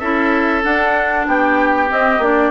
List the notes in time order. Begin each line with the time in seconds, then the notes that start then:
0.00 C#4 E4 A4 E5
0.64 D4 F#5
1.27 B3 G4 G5
1.89 C4 D#5
2.19 A#3 D4 D5